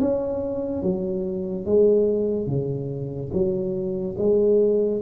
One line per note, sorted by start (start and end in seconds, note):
0.00 0.82 C#4
0.82 1.65 F#3
1.65 2.47 G#3
2.47 3.30 C#3
3.33 4.16 F#3
4.18 5.01 G#3